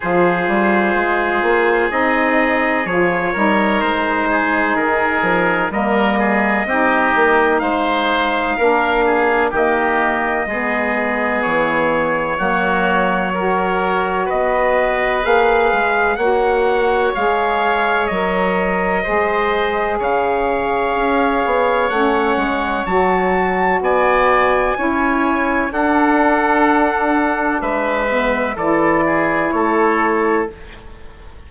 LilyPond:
<<
  \new Staff \with { instrumentName = "trumpet" } { \time 4/4 \tempo 4 = 63 c''2 dis''4 cis''4 | c''4 ais'4 dis''2 | f''2 dis''2 | cis''2. dis''4 |
f''4 fis''4 f''4 dis''4~ | dis''4 f''2 fis''4 | a''4 gis''2 fis''4~ | fis''4 e''4 d''4 cis''4 | }
  \new Staff \with { instrumentName = "oboe" } { \time 4/4 gis'2.~ gis'8 ais'8~ | ais'8 gis'4. ais'8 gis'8 g'4 | c''4 ais'8 gis'8 g'4 gis'4~ | gis'4 fis'4 ais'4 b'4~ |
b'4 cis''2. | c''4 cis''2.~ | cis''4 d''4 cis''4 a'4~ | a'4 b'4 a'8 gis'8 a'4 | }
  \new Staff \with { instrumentName = "saxophone" } { \time 4/4 f'2 dis'4 f'8 dis'8~ | dis'2 ais4 dis'4~ | dis'4 d'4 ais4 b4~ | b4 ais4 fis'2 |
gis'4 fis'4 gis'4 ais'4 | gis'2. cis'4 | fis'2 e'4 d'4~ | d'4. b8 e'2 | }
  \new Staff \with { instrumentName = "bassoon" } { \time 4/4 f8 g8 gis8 ais8 c'4 f8 g8 | gis4 dis8 f8 g4 c'8 ais8 | gis4 ais4 dis4 gis4 | e4 fis2 b4 |
ais8 gis8 ais4 gis4 fis4 | gis4 cis4 cis'8 b8 a8 gis8 | fis4 b4 cis'4 d'4~ | d'4 gis4 e4 a4 | }
>>